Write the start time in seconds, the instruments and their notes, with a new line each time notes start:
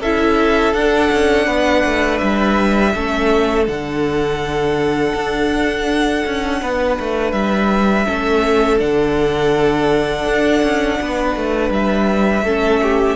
0.00 cello C#4, viola E4, violin A4 E5
0.73 cello D4, viola D4, violin F#5
1.12 cello C#4
1.46 cello B3, violin B4
1.84 cello A3
2.18 cello G3, violin E5
2.94 cello A3, viola C#4, violin A4
3.66 cello D3, viola D4, violin F#5
5.14 cello D4
6.26 cello C#4
6.62 cello B3, violin B4
6.99 cello A3
7.31 cello G3, violin E5
8.05 cello A3, viola C#4, violin A4
8.78 cello D3, viola D4, violin F#5
10.25 cello D4
10.62 cello C#4
11.00 cello B3, violin B4
11.36 cello A3
11.70 cello G3, violin E5
12.42 cello A3, viola C#4, violin A4
12.82 violin G4